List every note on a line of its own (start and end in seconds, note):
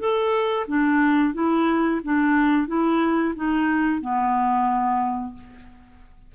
0.00 0.67 A4
0.68 1.34 D4
1.34 2.01 E4
2.04 2.68 D4
2.68 3.35 E4
3.36 4.01 D#4
4.01 5.35 B3